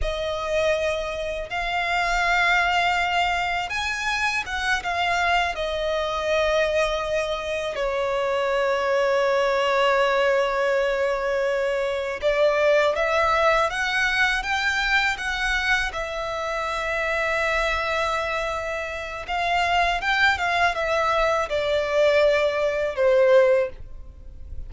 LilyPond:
\new Staff \with { instrumentName = "violin" } { \time 4/4 \tempo 4 = 81 dis''2 f''2~ | f''4 gis''4 fis''8 f''4 dis''8~ | dis''2~ dis''8 cis''4.~ | cis''1~ |
cis''8 d''4 e''4 fis''4 g''8~ | g''8 fis''4 e''2~ e''8~ | e''2 f''4 g''8 f''8 | e''4 d''2 c''4 | }